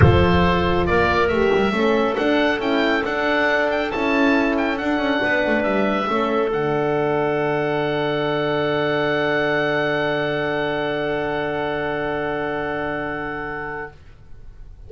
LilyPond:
<<
  \new Staff \with { instrumentName = "oboe" } { \time 4/4 \tempo 4 = 138 c''2 d''4 e''4~ | e''4 fis''4 g''4 fis''4~ | fis''8 g''8 a''4. g''8 fis''4~ | fis''4 e''2 fis''4~ |
fis''1~ | fis''1~ | fis''1~ | fis''1 | }
  \new Staff \with { instrumentName = "clarinet" } { \time 4/4 a'2 ais'2 | a'1~ | a'1 | b'2 a'2~ |
a'1~ | a'1~ | a'1~ | a'1 | }
  \new Staff \with { instrumentName = "horn" } { \time 4/4 f'2. g'4 | cis'4 d'4 e'4 d'4~ | d'4 e'2 d'4~ | d'2 cis'4 d'4~ |
d'1~ | d'1~ | d'1~ | d'1 | }
  \new Staff \with { instrumentName = "double bass" } { \time 4/4 f2 ais4 a8 g8 | a4 d'4 cis'4 d'4~ | d'4 cis'2 d'8 cis'8 | b8 a8 g4 a4 d4~ |
d1~ | d1~ | d1~ | d1 | }
>>